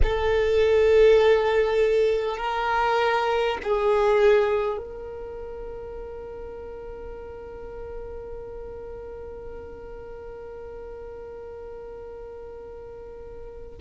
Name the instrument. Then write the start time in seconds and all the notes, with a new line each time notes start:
violin
0.02 A4
2.37 A#4
3.63 G#4
4.77 A#4